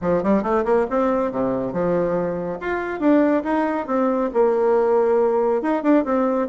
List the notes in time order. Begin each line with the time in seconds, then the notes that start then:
0.01 F3
0.23 G3
0.43 A3
0.65 A#3
0.89 C4
1.31 C3
1.72 F3
2.60 F4
2.99 D4
3.43 D#4
3.86 C4
4.33 A#3
5.62 D#4
5.83 D4
6.04 C4